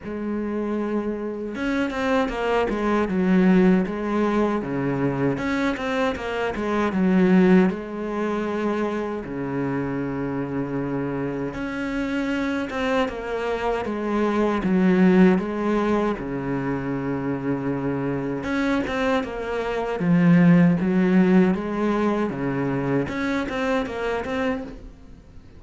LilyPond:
\new Staff \with { instrumentName = "cello" } { \time 4/4 \tempo 4 = 78 gis2 cis'8 c'8 ais8 gis8 | fis4 gis4 cis4 cis'8 c'8 | ais8 gis8 fis4 gis2 | cis2. cis'4~ |
cis'8 c'8 ais4 gis4 fis4 | gis4 cis2. | cis'8 c'8 ais4 f4 fis4 | gis4 cis4 cis'8 c'8 ais8 c'8 | }